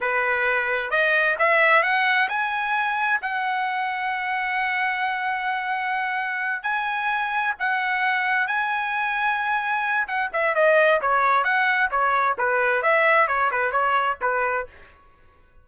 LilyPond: \new Staff \with { instrumentName = "trumpet" } { \time 4/4 \tempo 4 = 131 b'2 dis''4 e''4 | fis''4 gis''2 fis''4~ | fis''1~ | fis''2~ fis''8 gis''4.~ |
gis''8 fis''2 gis''4.~ | gis''2 fis''8 e''8 dis''4 | cis''4 fis''4 cis''4 b'4 | e''4 cis''8 b'8 cis''4 b'4 | }